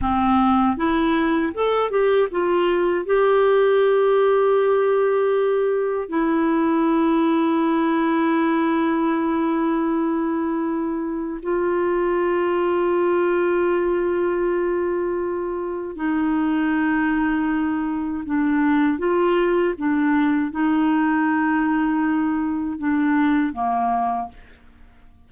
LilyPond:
\new Staff \with { instrumentName = "clarinet" } { \time 4/4 \tempo 4 = 79 c'4 e'4 a'8 g'8 f'4 | g'1 | e'1~ | e'2. f'4~ |
f'1~ | f'4 dis'2. | d'4 f'4 d'4 dis'4~ | dis'2 d'4 ais4 | }